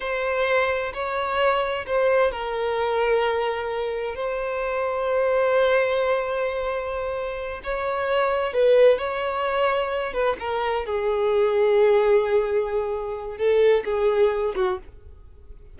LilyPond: \new Staff \with { instrumentName = "violin" } { \time 4/4 \tempo 4 = 130 c''2 cis''2 | c''4 ais'2.~ | ais'4 c''2.~ | c''1~ |
c''8 cis''2 b'4 cis''8~ | cis''2 b'8 ais'4 gis'8~ | gis'1~ | gis'4 a'4 gis'4. fis'8 | }